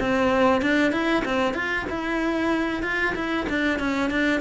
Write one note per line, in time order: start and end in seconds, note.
0.00 0.62 C4
0.62 0.92 D4
0.92 1.23 E4
1.25 1.54 C4
1.54 1.85 F4
1.89 2.83 E4
2.83 3.14 F4
3.15 3.47 E4
3.49 3.80 D4
3.80 4.11 C#4
4.11 4.41 D4